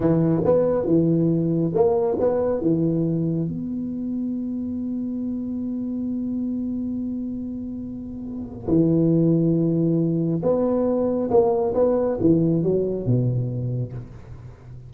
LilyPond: \new Staff \with { instrumentName = "tuba" } { \time 4/4 \tempo 4 = 138 e4 b4 e2 | ais4 b4 e2 | b1~ | b1~ |
b1 | e1 | b2 ais4 b4 | e4 fis4 b,2 | }